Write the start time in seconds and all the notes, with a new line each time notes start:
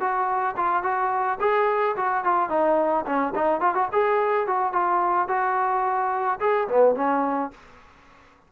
0.00 F#4
0.57 F4
0.83 F#4
1.40 G#4
1.96 F#4
2.24 F4
2.49 D#4
3.06 C#4
3.35 D#4
3.61 F4
3.75 F#4
3.92 G#4
4.47 F#4
4.72 F4
5.28 F#4
6.40 G#4
6.68 B3
6.95 C#4